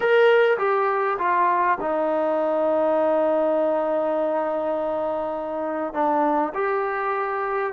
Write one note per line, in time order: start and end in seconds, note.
0.00 0.57 A#4
0.58 1.17 G4
1.18 1.78 F4
1.80 5.93 D#4
5.93 6.52 D4
6.54 7.73 G4